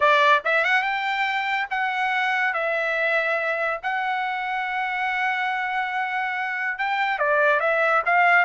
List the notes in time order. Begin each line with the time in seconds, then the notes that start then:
0.00 D5
0.44 E5
0.64 F#5
0.82 G5
1.70 F#5
2.53 E5
3.82 F#5
6.78 G5
7.18 D5
7.60 E5
8.05 F5